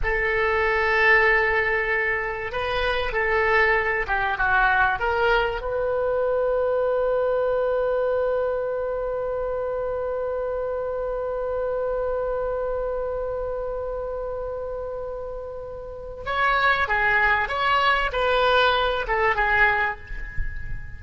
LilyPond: \new Staff \with { instrumentName = "oboe" } { \time 4/4 \tempo 4 = 96 a'1 | b'4 a'4. g'8 fis'4 | ais'4 b'2.~ | b'1~ |
b'1~ | b'1~ | b'2 cis''4 gis'4 | cis''4 b'4. a'8 gis'4 | }